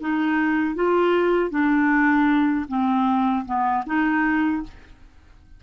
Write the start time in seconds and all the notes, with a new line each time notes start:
0.00 D#4
0.75 F4
1.50 D4
2.68 C4
3.45 B3
3.86 D#4